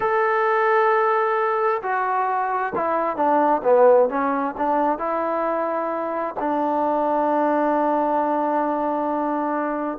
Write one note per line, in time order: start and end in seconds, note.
0.00 1.82 A4
1.82 2.73 F#4
2.75 3.16 E4
3.16 3.61 D4
3.63 4.09 B3
4.09 4.54 C#4
4.57 4.98 D4
4.98 6.35 E4
6.39 9.98 D4